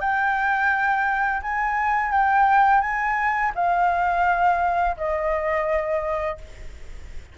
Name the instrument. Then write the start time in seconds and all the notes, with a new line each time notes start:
flute
0.00 G5
1.42 G#5
2.11 G5
2.81 G#5
3.55 F5
4.97 D#5